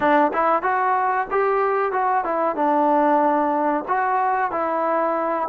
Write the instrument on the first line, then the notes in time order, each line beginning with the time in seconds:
trombone
0.00 D4
0.33 E4
0.62 F#4
1.30 G4
1.92 F#4
2.24 E4
2.55 D4
3.88 F#4
4.51 E4